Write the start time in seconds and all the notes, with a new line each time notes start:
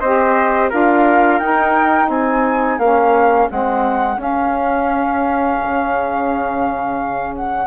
0.00 C4 G4 C5 D#5
0.70 D4 F4 A#4 F5
1.40 D#4 G5
2.09 C4 G#4 G#5
2.79 A#3 C#4 F5
3.50 G#3 C4 F#5
4.17 C#4 F5
5.61 C#3
7.36 F#5